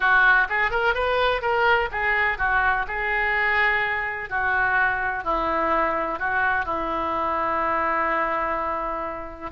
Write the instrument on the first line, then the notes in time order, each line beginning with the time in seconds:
oboe
0.00 F#4
0.49 G#4
0.70 A#4
0.94 B4
1.41 A#4
1.91 G#4
2.38 F#4
2.87 G#4
4.29 F#4
5.24 E4
6.19 F#4
6.65 E4